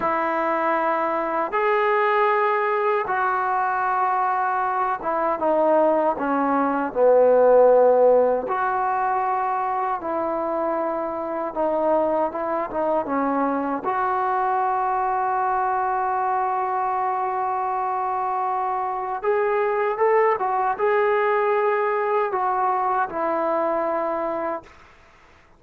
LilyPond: \new Staff \with { instrumentName = "trombone" } { \time 4/4 \tempo 4 = 78 e'2 gis'2 | fis'2~ fis'8 e'8 dis'4 | cis'4 b2 fis'4~ | fis'4 e'2 dis'4 |
e'8 dis'8 cis'4 fis'2~ | fis'1~ | fis'4 gis'4 a'8 fis'8 gis'4~ | gis'4 fis'4 e'2 | }